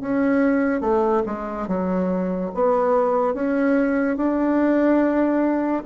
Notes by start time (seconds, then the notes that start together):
0.00 C#4
0.81 A3
1.26 G#3
1.67 F#3
2.54 B3
3.33 C#4
4.16 D4